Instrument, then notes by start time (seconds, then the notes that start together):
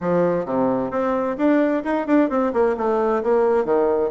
bassoon
0.00 F3
0.45 C3
0.90 C4
1.37 D4
1.84 D#4
2.06 D4
2.29 C4
2.53 A#3
2.77 A3
3.23 A#3
3.64 D#3